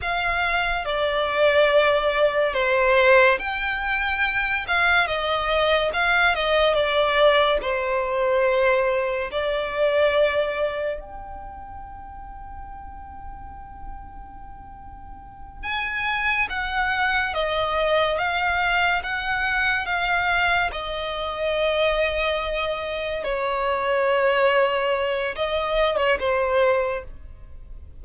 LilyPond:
\new Staff \with { instrumentName = "violin" } { \time 4/4 \tempo 4 = 71 f''4 d''2 c''4 | g''4. f''8 dis''4 f''8 dis''8 | d''4 c''2 d''4~ | d''4 g''2.~ |
g''2~ g''8 gis''4 fis''8~ | fis''8 dis''4 f''4 fis''4 f''8~ | f''8 dis''2. cis''8~ | cis''2 dis''8. cis''16 c''4 | }